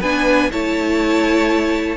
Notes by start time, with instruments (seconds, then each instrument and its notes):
0.00 cello B3, viola D4, violin B4 G#5
0.51 cello A3, viola E4, violin C#5 A5